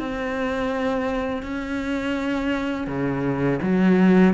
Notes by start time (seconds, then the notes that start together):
0.00 C4
1.43 C#4
2.88 C#3
3.63 F#3